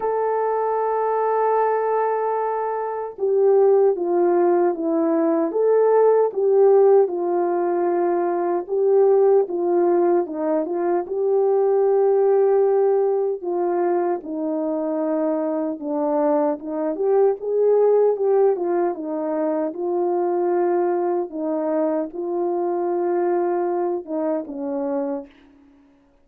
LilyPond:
\new Staff \with { instrumentName = "horn" } { \time 4/4 \tempo 4 = 76 a'1 | g'4 f'4 e'4 a'4 | g'4 f'2 g'4 | f'4 dis'8 f'8 g'2~ |
g'4 f'4 dis'2 | d'4 dis'8 g'8 gis'4 g'8 f'8 | dis'4 f'2 dis'4 | f'2~ f'8 dis'8 cis'4 | }